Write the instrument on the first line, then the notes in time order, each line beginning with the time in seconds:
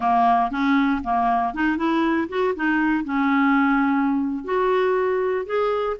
clarinet
0.00 A#3
0.50 C#4
1.03 A#3
1.54 D#4
1.77 E4
2.29 F#4
2.55 D#4
3.04 C#4
4.44 F#4
5.45 G#4